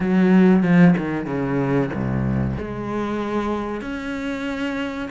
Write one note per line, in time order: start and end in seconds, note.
0.00 0.62 F#3
0.62 0.94 F3
0.97 1.26 D#3
1.26 1.90 C#3
1.93 2.57 C2
2.57 3.81 G#3
3.81 5.09 C#4